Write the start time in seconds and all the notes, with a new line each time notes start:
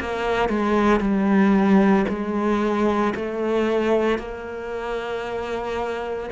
0.00 A#3
0.49 G#3
1.00 G3
2.09 G#3
3.16 A3
4.19 A#3